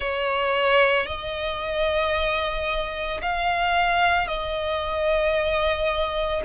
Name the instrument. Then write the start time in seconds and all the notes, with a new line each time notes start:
violin
0.00 C#5
1.06 D#5
3.21 F5
4.27 D#5